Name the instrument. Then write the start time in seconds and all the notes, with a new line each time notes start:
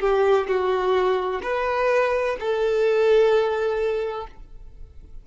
violin
0.00 G4
0.47 F#4
1.42 B4
2.39 A4